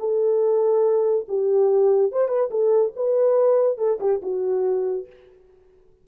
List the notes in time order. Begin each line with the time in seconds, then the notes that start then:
0.00 A4
1.29 G4
2.12 C5
2.29 B4
2.51 A4
2.96 B4
3.78 A4
4.00 G4
4.23 F#4